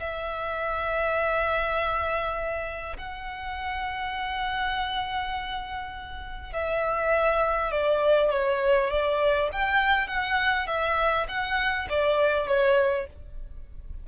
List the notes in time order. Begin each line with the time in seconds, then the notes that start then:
0.00 E5
2.97 F#5
6.53 E5
7.72 D5
8.31 C#5
8.91 D5
9.52 G5
10.08 F#5
10.67 E5
11.28 F#5
11.89 D5
12.48 C#5